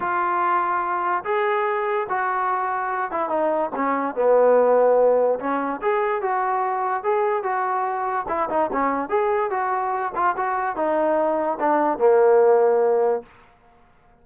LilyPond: \new Staff \with { instrumentName = "trombone" } { \time 4/4 \tempo 4 = 145 f'2. gis'4~ | gis'4 fis'2~ fis'8 e'8 | dis'4 cis'4 b2~ | b4 cis'4 gis'4 fis'4~ |
fis'4 gis'4 fis'2 | e'8 dis'8 cis'4 gis'4 fis'4~ | fis'8 f'8 fis'4 dis'2 | d'4 ais2. | }